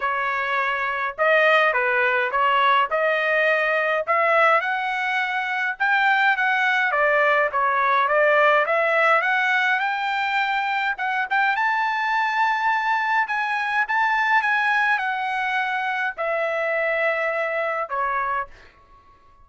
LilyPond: \new Staff \with { instrumentName = "trumpet" } { \time 4/4 \tempo 4 = 104 cis''2 dis''4 b'4 | cis''4 dis''2 e''4 | fis''2 g''4 fis''4 | d''4 cis''4 d''4 e''4 |
fis''4 g''2 fis''8 g''8 | a''2. gis''4 | a''4 gis''4 fis''2 | e''2. cis''4 | }